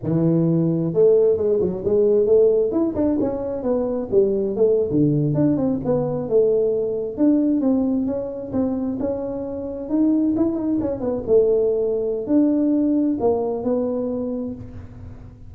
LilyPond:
\new Staff \with { instrumentName = "tuba" } { \time 4/4 \tempo 4 = 132 e2 a4 gis8 fis8 | gis4 a4 e'8 d'8 cis'4 | b4 g4 a8. d4 d'16~ | d'16 c'8 b4 a2 d'16~ |
d'8. c'4 cis'4 c'4 cis'16~ | cis'4.~ cis'16 dis'4 e'8 dis'8 cis'16~ | cis'16 b8 a2~ a16 d'4~ | d'4 ais4 b2 | }